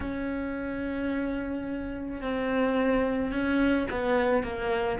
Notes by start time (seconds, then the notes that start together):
0.00 C#4
2.21 C4
3.32 C#4
3.90 B3
4.43 A#3